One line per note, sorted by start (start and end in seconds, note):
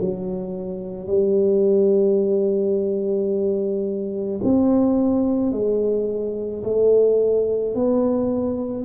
0.00 1.08 F#3
1.08 4.41 G3
4.44 5.53 C4
5.53 6.64 G#3
6.64 7.75 A3
7.75 8.85 B3